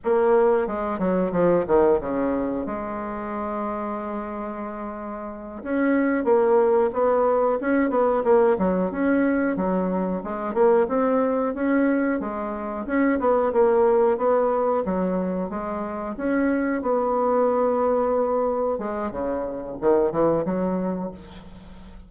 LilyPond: \new Staff \with { instrumentName = "bassoon" } { \time 4/4 \tempo 4 = 91 ais4 gis8 fis8 f8 dis8 cis4 | gis1~ | gis8 cis'4 ais4 b4 cis'8 | b8 ais8 fis8 cis'4 fis4 gis8 |
ais8 c'4 cis'4 gis4 cis'8 | b8 ais4 b4 fis4 gis8~ | gis8 cis'4 b2~ b8~ | b8 gis8 cis4 dis8 e8 fis4 | }